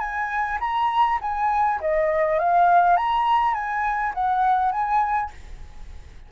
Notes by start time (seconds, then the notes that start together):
0.00 G#5
0.60 A#5
1.22 G#5
1.81 D#5
2.40 F5
2.97 A#5
3.54 G#5
4.14 F#5
4.72 G#5